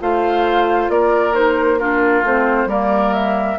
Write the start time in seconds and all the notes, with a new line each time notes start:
0.00 A3 F4 C5 F5
0.88 A#3 A#4 D5
1.32 D#4 C5
1.78 D4 F4 A#4
2.23 A3 C4 C5
2.65 G3 A#3 A#4 D5
3.14 E5